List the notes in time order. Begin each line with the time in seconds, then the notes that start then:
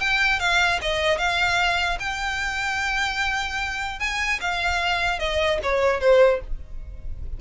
0.00 G5
0.40 F5
0.81 D#5
1.18 F5
2.00 G5
3.99 G#5
4.41 F5
5.19 D#5
5.63 C#5
6.00 C5